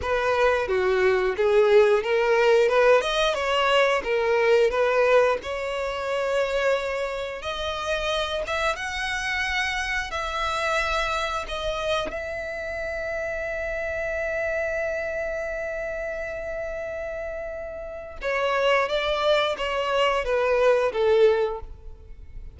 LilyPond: \new Staff \with { instrumentName = "violin" } { \time 4/4 \tempo 4 = 89 b'4 fis'4 gis'4 ais'4 | b'8 dis''8 cis''4 ais'4 b'4 | cis''2. dis''4~ | dis''8 e''8 fis''2 e''4~ |
e''4 dis''4 e''2~ | e''1~ | e''2. cis''4 | d''4 cis''4 b'4 a'4 | }